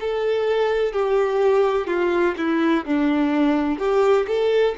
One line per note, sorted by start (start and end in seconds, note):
0.00 0.93 A4
0.93 1.87 G4
1.87 2.35 F4
2.37 2.85 E4
2.85 3.78 D4
3.78 4.26 G4
4.28 4.75 A4